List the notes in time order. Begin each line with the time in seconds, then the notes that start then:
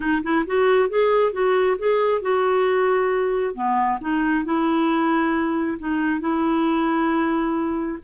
0.00 D#4
0.23 E4
0.46 F#4
0.89 G#4
1.32 F#4
1.78 G#4
2.21 F#4
3.54 B3
4.01 D#4
4.44 E4
5.79 D#4
6.20 E4